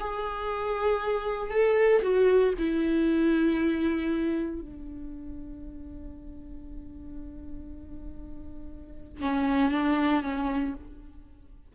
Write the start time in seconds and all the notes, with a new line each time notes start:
0.00 G#4
1.51 A4
2.02 F#4
2.58 E4
4.61 D4
9.21 C#4
9.72 D4
10.23 C#4